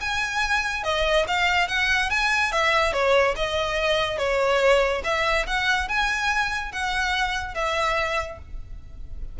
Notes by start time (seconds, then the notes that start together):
0.00 G#5
0.83 D#5
1.28 F5
1.68 F#5
2.10 G#5
2.52 E5
2.92 C#5
3.36 D#5
4.18 C#5
5.04 E5
5.46 F#5
5.88 G#5
6.72 F#5
7.54 E5